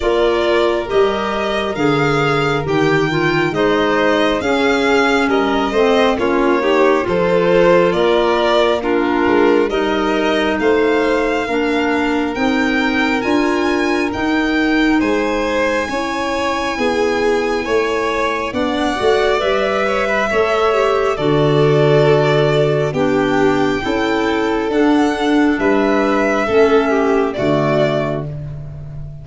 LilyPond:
<<
  \new Staff \with { instrumentName = "violin" } { \time 4/4 \tempo 4 = 68 d''4 dis''4 f''4 g''4 | dis''4 f''4 dis''4 cis''4 | c''4 d''4 ais'4 dis''4 | f''2 g''4 gis''4 |
g''4 gis''2.~ | gis''4 fis''4 e''2 | d''2 g''2 | fis''4 e''2 d''4 | }
  \new Staff \with { instrumentName = "violin" } { \time 4/4 ais'1 | c''4 gis'4 ais'8 c''8 f'8 g'8 | a'4 ais'4 f'4 ais'4 | c''4 ais'2.~ |
ais'4 c''4 cis''4 gis'4 | cis''4 d''4. cis''16 b'16 cis''4 | a'2 g'4 a'4~ | a'4 b'4 a'8 g'8 fis'4 | }
  \new Staff \with { instrumentName = "clarinet" } { \time 4/4 f'4 g'4 gis'4 g'8 f'8 | dis'4 cis'4. c'8 cis'8 dis'8 | f'2 d'4 dis'4~ | dis'4 d'4 dis'4 f'4 |
dis'2 e'2~ | e'4 d'8 fis'8 b'4 a'8 g'8 | fis'2 d'4 e'4 | d'2 cis'4 a4 | }
  \new Staff \with { instrumentName = "tuba" } { \time 4/4 ais4 g4 d4 dis4 | gis4 cis'4 g8 a8 ais4 | f4 ais4. gis8 g4 | a4 ais4 c'4 d'4 |
dis'4 gis4 cis'4 b4 | a4 b8 a8 g4 a4 | d2 b4 cis'4 | d'4 g4 a4 d4 | }
>>